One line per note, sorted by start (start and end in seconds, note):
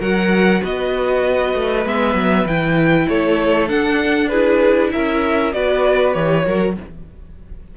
0.00 0.61 F#3
0.00 1.85 F#4
0.00 0.61 A#4
0.00 0.63 F#5
0.63 1.55 B3
0.63 3.08 B4
0.63 1.87 D#5
1.55 1.86 A3
1.86 2.14 G#3
1.86 2.47 B3
1.86 2.47 E5
2.14 2.45 F#3
2.46 3.07 E3
2.46 3.68 E4
2.46 3.09 G5
3.08 3.70 A3
3.08 4.30 A4
3.08 3.69 C#5
3.68 4.29 D4
3.68 4.93 D4
3.68 4.29 F#5
4.29 5.53 E4
4.29 4.92 G#4
4.29 4.90 B4
4.92 5.54 C#4
4.92 5.55 A#4
4.92 5.53 E5
5.53 6.15 B3
5.53 6.14 F#4
5.53 6.46 B4
5.53 6.14 D5
6.14 6.46 E3
6.14 6.45 G4
6.14 6.75 C#5
6.45 6.77 F#3
6.45 6.76 F#4
6.45 6.76 A#4